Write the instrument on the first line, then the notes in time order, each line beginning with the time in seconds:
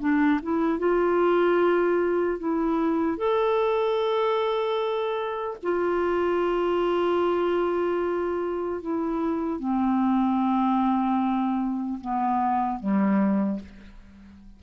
clarinet
0.00 D4
0.43 E4
0.79 F4
2.39 E4
3.17 A4
5.63 F4
8.81 E4
9.60 C4
12.01 B3
12.80 G3